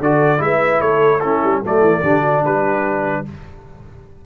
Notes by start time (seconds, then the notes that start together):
0.00 D3 F#4 A4 D5
0.39 G#3 E4 B4 E5
0.81 A3 A4 C#5
1.20 C#4 E4 A4
1.44 G3
1.62 F#3 A3 A4 D5
1.81 E3
2.03 D3 D4 G4
2.21 F#4
2.43 G3 G4 B4